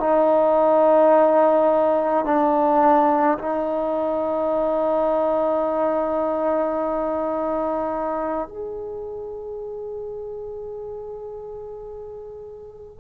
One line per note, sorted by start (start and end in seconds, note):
0.00 2.25 D#4
2.25 3.38 D4
3.39 8.49 D#4
8.49 13.00 G#4